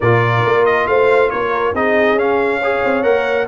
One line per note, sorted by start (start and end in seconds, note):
0.00 0.45 A#2
0.00 1.75 F4
0.00 0.87 A#4
0.00 0.65 D5
0.45 0.87 A#3
0.65 0.87 D#5
0.87 1.31 A3
0.87 1.32 C5
0.87 1.30 F5
1.30 1.74 A#3
1.30 1.74 A#4
1.30 1.73 C#5
1.74 2.13 C4
1.74 2.17 D#4
1.74 2.58 G#4
1.74 2.18 D#5
2.13 2.78 C#4
2.13 2.61 C#4
2.13 3.03 F5
2.58 3.03 G#4
2.58 3.45 C#5
2.84 3.03 C4
3.03 3.47 A#3
3.03 3.46 A#4
3.03 3.46 F#5